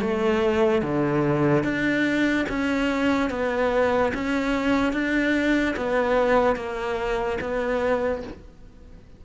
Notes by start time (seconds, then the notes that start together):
0.00 A3
0.82 D3
1.63 D4
2.48 C#4
3.30 B3
4.14 C#4
4.93 D4
5.76 B3
6.56 A#3
7.40 B3